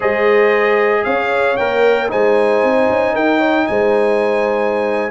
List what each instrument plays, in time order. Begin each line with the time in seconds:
0.00 tuba G#3, trombone G#4, horn C5, trumpet D#5
1.04 tuba C#4, horn C#5, trumpet F5
1.56 tuba A#3, trombone A#4, trumpet G5
2.08 tuba G#3, trombone D#4, horn C5, trumpet G#5
2.63 tuba C4
2.89 tuba C#4
3.13 tuba D#4, horn A#4, trumpet G5
3.38 horn C#5
3.66 tuba G#3, horn C5, trumpet G#5